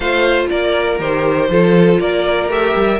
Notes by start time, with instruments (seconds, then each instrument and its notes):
0.00 cello A3, viola F4, violin C5 F5
0.49 cello A#3, violin A#4 D5
0.99 cello D#3, viola G4, violin C5
1.49 cello F3, viola F4, violin A4
1.99 cello A#3, violin A#4 D5
2.49 cello A3, viola G4, violin E5
2.75 cello G3